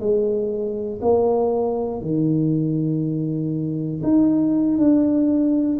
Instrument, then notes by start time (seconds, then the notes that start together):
tuba
0.00 G#3
1.01 A#3
2.01 D#3
4.03 D#4
4.77 D4